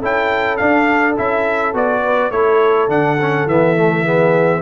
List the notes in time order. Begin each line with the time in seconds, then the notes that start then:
0.00 C#4 E4 A4 G5
0.57 D4 F5
1.16 C#4 E4 E5
1.73 B3 F#4 D5
2.04 B4
2.30 A3 E4 A4 C#5
2.88 D3 D4 F#5
3.20 C#4
3.46 E3 B3 E5
3.76 A3
4.04 B3 G#4